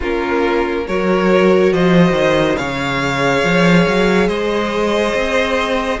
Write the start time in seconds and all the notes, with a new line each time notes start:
0.00 A#3 C#4 F4 A#4
0.87 F#3 F#4 A#4 C#5
1.72 F3 C5 D#5
2.11 D#3
2.56 C#3 G#4 C#5 F5
3.43 F3
3.87 F#3
4.28 G#3 C5 D#5
5.14 C4